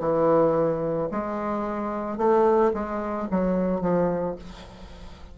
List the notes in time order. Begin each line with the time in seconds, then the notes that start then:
0.00 E3
1.11 G#3
2.18 A3
2.74 G#3
3.31 F#3
3.81 F3